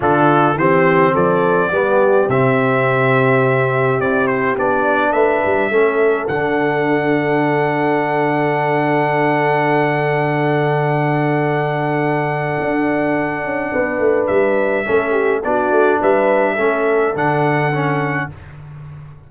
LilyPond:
<<
  \new Staff \with { instrumentName = "trumpet" } { \time 4/4 \tempo 4 = 105 a'4 c''4 d''2 | e''2. d''8 c''8 | d''4 e''2 fis''4~ | fis''1~ |
fis''1~ | fis''1~ | fis''4 e''2 d''4 | e''2 fis''2 | }
  \new Staff \with { instrumentName = "horn" } { \time 4/4 f'4 g'4 a'4 g'4~ | g'1~ | g'4 b'4 a'2~ | a'1~ |
a'1~ | a'1 | b'2 a'8 g'8 fis'4 | b'4 a'2. | }
  \new Staff \with { instrumentName = "trombone" } { \time 4/4 d'4 c'2 b4 | c'2. e'4 | d'2 cis'4 d'4~ | d'1~ |
d'1~ | d'1~ | d'2 cis'4 d'4~ | d'4 cis'4 d'4 cis'4 | }
  \new Staff \with { instrumentName = "tuba" } { \time 4/4 d4 e4 f4 g4 | c2. c'4 | b4 a8 g8 a4 d4~ | d1~ |
d1~ | d2 d'4. cis'8 | b8 a8 g4 a4 b8 a8 | g4 a4 d2 | }
>>